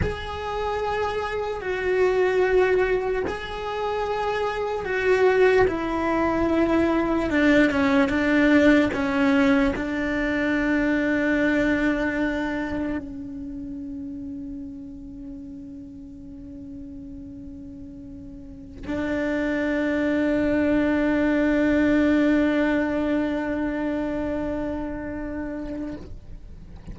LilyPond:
\new Staff \with { instrumentName = "cello" } { \time 4/4 \tempo 4 = 74 gis'2 fis'2 | gis'2 fis'4 e'4~ | e'4 d'8 cis'8 d'4 cis'4 | d'1 |
cis'1~ | cis'2.~ cis'16 d'8.~ | d'1~ | d'1 | }